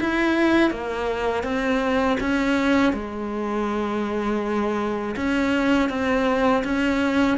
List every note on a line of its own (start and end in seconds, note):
0.00 0.71 E4
0.71 1.43 A#3
1.43 2.18 C4
2.20 2.93 C#4
2.93 5.15 G#3
5.16 5.89 C#4
5.89 6.63 C4
6.64 7.38 C#4